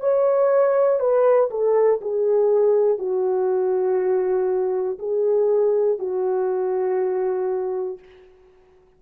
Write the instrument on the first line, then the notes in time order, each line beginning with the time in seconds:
horn
0.00 C#5
1.00 B4
1.50 A4
2.01 G#4
2.99 F#4
4.99 G#4
5.99 F#4